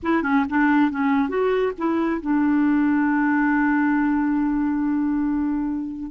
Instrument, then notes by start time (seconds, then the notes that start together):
clarinet
0.03 E4
0.22 C#4
0.49 D4
0.90 C#4
1.28 F#4
1.78 E4
2.21 D4